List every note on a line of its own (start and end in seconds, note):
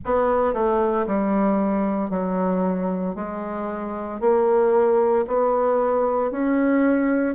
0.05 0.53 B3
0.53 1.06 A3
1.06 2.10 G3
2.10 3.15 F#3
3.15 4.20 G#3
4.20 5.25 A#3
5.27 6.31 B3
6.31 7.35 C#4